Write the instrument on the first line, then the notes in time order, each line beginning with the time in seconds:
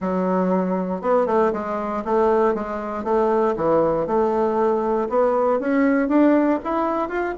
bassoon
0.00 F#3
1.01 B3
1.26 A3
1.53 G#3
2.05 A3
2.54 G#3
3.04 A3
3.56 E3
4.07 A3
5.09 B3
5.59 C#4
6.08 D4
6.64 E4
7.09 F4